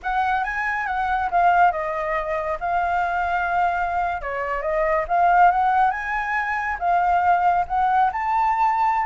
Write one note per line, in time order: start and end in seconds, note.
0.02 0.44 F#5
0.44 0.86 G#5
0.86 1.29 F#5
1.31 1.71 F5
1.71 2.58 D#5
2.59 4.21 F5
4.21 4.62 C#5
4.62 5.05 D#5
5.08 5.51 F5
5.51 5.90 F#5
5.90 6.77 G#5
6.79 7.65 F5
7.67 8.11 F#5
8.12 9.06 A5